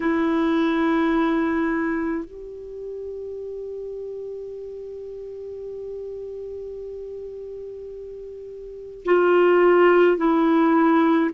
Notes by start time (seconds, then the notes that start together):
0.00 E4
2.24 G4
9.05 F4
10.17 E4